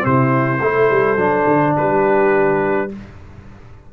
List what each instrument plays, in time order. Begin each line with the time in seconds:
0.00 trombone C4, horn E4, trumpet C5
0.06 tuba C3
0.61 tuba A3, trombone E4, horn A4
0.90 tuba G3
1.17 tuba F#3, trombone D4
1.48 tuba D3
1.77 tuba G3, horn G4, trumpet B4